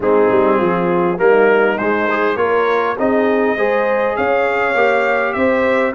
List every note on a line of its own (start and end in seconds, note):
0.00 0.29 G#3
0.00 1.17 C4
0.00 0.57 D#4
0.00 1.18 G#4
0.30 0.60 G3
0.57 1.18 F3
0.57 1.16 F4
1.17 1.78 G3
1.17 1.77 A#3
1.17 2.37 D#4
1.17 1.77 A#4
1.77 2.08 G#3
1.77 2.35 G#3
1.77 2.37 C5
2.10 2.37 G#4
2.35 2.95 A#3
2.35 2.96 F4
2.35 2.97 A#4
2.35 2.96 C#5
2.98 3.56 C4
2.98 3.57 D#4
2.98 3.57 G#4
2.98 4.16 D#5
3.56 4.16 G#3
3.56 4.75 G#4
3.56 4.16 C5
4.16 4.74 C#4
4.16 5.34 C#5
4.16 5.32 F5
4.74 5.34 A#3
4.74 5.93 G4
5.32 5.95 C4
5.32 5.94 C5
5.32 5.92 E5